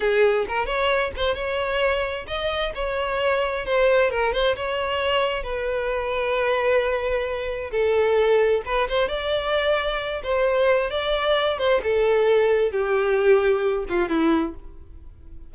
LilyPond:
\new Staff \with { instrumentName = "violin" } { \time 4/4 \tempo 4 = 132 gis'4 ais'8 cis''4 c''8 cis''4~ | cis''4 dis''4 cis''2 | c''4 ais'8 c''8 cis''2 | b'1~ |
b'4 a'2 b'8 c''8 | d''2~ d''8 c''4. | d''4. c''8 a'2 | g'2~ g'8 f'8 e'4 | }